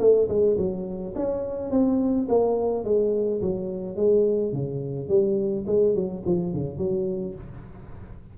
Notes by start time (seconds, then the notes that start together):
0.00 A3
0.29 G#3
0.58 F#3
1.16 C#4
1.71 C4
2.29 A#3
2.84 G#3
3.42 F#3
3.96 G#3
4.53 C#3
5.09 G3
5.67 G#3
5.95 F#3
6.26 F3
6.54 C#3
6.78 F#3